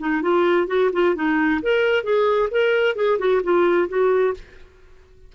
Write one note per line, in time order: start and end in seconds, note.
0.00 0.22 D#4
0.22 0.68 F4
0.68 0.91 F#4
0.93 1.16 F4
1.16 1.61 D#4
1.62 2.04 A#4
2.04 2.50 G#4
2.51 2.96 A#4
2.96 3.19 G#4
3.19 3.42 F#4
3.44 3.89 F4
3.89 4.34 F#4